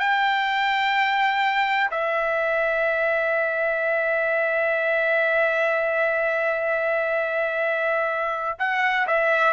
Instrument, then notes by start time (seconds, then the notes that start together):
trumpet
0.00 G5
1.92 E5
8.60 F#5
9.07 E5